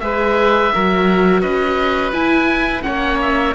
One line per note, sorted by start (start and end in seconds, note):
0.00 0.71 G#3
0.00 0.71 G#4
0.00 0.74 B4
0.00 1.41 E5
0.74 1.42 F#3
0.74 2.12 F#4
0.74 1.42 A#4
1.41 2.12 C#4
1.41 2.83 B4
1.41 2.11 D#5
2.12 2.83 E4
2.12 2.82 E4
2.12 2.82 G#5
2.82 3.54 A#3
2.82 3.52 C#4
2.82 3.54 C#5
2.82 3.18 F#5
3.21 3.54 E5